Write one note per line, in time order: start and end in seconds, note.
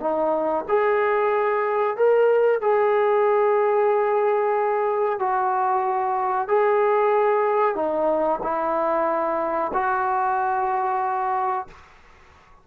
0.00 0.65 D#4
0.68 1.97 G#4
1.97 2.61 A#4
2.61 5.19 G#4
5.19 6.48 F#4
6.48 7.75 G#4
7.75 8.40 D#4
8.43 9.72 E4
9.73 11.67 F#4